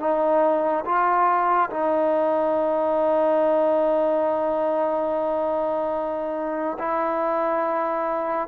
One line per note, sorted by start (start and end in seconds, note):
0.00 0.85 D#4
0.85 1.70 F4
1.71 6.78 D#4
6.79 8.48 E4